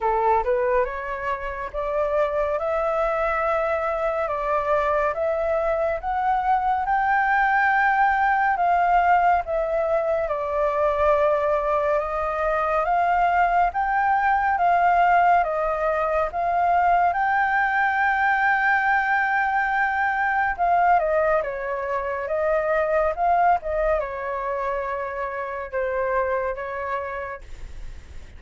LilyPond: \new Staff \with { instrumentName = "flute" } { \time 4/4 \tempo 4 = 70 a'8 b'8 cis''4 d''4 e''4~ | e''4 d''4 e''4 fis''4 | g''2 f''4 e''4 | d''2 dis''4 f''4 |
g''4 f''4 dis''4 f''4 | g''1 | f''8 dis''8 cis''4 dis''4 f''8 dis''8 | cis''2 c''4 cis''4 | }